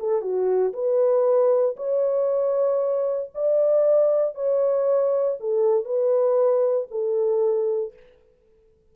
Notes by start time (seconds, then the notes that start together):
0.00 A4
0.22 F#4
0.74 B4
1.77 C#5
3.35 D5
4.35 C#5
5.40 A4
5.85 B4
6.91 A4